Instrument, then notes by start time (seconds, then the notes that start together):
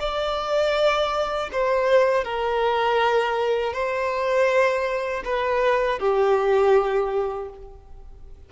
violin
0.00 D5
1.53 C5
2.24 A#4
3.73 C5
5.25 B4
5.99 G4